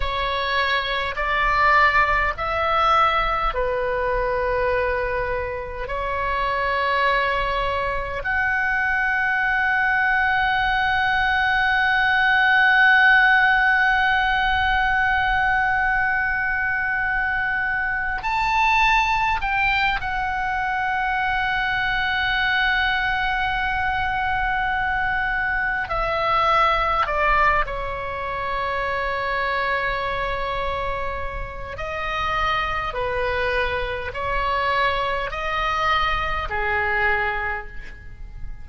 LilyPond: \new Staff \with { instrumentName = "oboe" } { \time 4/4 \tempo 4 = 51 cis''4 d''4 e''4 b'4~ | b'4 cis''2 fis''4~ | fis''1~ | fis''2.~ fis''8 a''8~ |
a''8 g''8 fis''2.~ | fis''2 e''4 d''8 cis''8~ | cis''2. dis''4 | b'4 cis''4 dis''4 gis'4 | }